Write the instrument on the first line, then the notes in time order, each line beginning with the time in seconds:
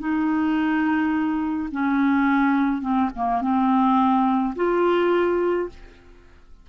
clarinet
0.00 D#4
1.72 C#4
2.82 C4
3.16 A#3
3.42 C4
4.56 F4